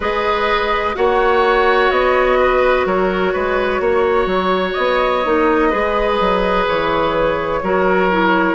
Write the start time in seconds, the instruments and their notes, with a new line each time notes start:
0.00 bassoon G#3, clarinet G#4, oboe B4, flute D#5
0.94 bassoon A#3, clarinet F#4, oboe C#5, flute F#5
1.90 bassoon B3, flute D#5
2.39 oboe B4
2.85 bassoon F#3, oboe A#4, flute C#5
3.33 bassoon G#3, oboe B4
3.80 bassoon A#3, oboe C#5
4.26 bassoon F#3
4.73 bassoon B3, flute D#5
5.24 bassoon A#3, clarinet D#4
5.69 bassoon G#3, clarinet G#4, oboe B4
6.20 bassoon F#3
6.68 bassoon E3, flute C#5
7.62 bassoon F#3, clarinet F#4, oboe A#4
8.10 clarinet E4